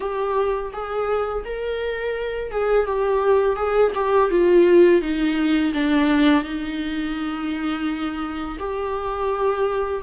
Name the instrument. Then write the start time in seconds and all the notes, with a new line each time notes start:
viola
0.00 G4
0.72 G#4
1.44 A#4
2.51 G#4
2.86 G4
3.56 G#4
3.94 G4
4.30 F4
5.01 D#4
5.73 D4
6.43 D#4
8.59 G4